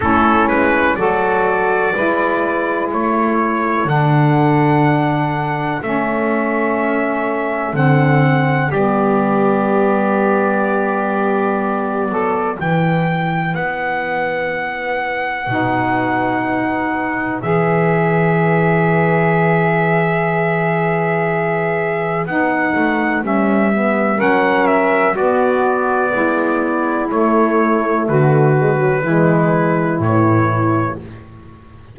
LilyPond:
<<
  \new Staff \with { instrumentName = "trumpet" } { \time 4/4 \tempo 4 = 62 a'8 b'8 d''2 cis''4 | fis''2 e''2 | fis''4 d''2.~ | d''4 g''4 fis''2~ |
fis''2 e''2~ | e''2. fis''4 | e''4 fis''8 e''8 d''2 | cis''4 b'2 cis''4 | }
  \new Staff \with { instrumentName = "saxophone" } { \time 4/4 e'4 a'4 b'4 a'4~ | a'1~ | a'4 g'2.~ | g'8 a'8 b'2.~ |
b'1~ | b'1~ | b'4 ais'4 fis'4 e'4~ | e'4 fis'4 e'2 | }
  \new Staff \with { instrumentName = "saxophone" } { \time 4/4 cis'4 fis'4 e'2 | d'2 cis'2 | c'4 b2.~ | b4 e'2. |
dis'2 gis'2~ | gis'2. dis'4 | cis'8 b8 cis'4 b2 | a4. gis16 fis16 gis4 e4 | }
  \new Staff \with { instrumentName = "double bass" } { \time 4/4 a8 gis8 fis4 gis4 a4 | d2 a2 | d4 g2.~ | g8 fis8 e4 b2 |
b,2 e2~ | e2. b8 a8 | g4 fis4 b4 gis4 | a4 d4 e4 a,4 | }
>>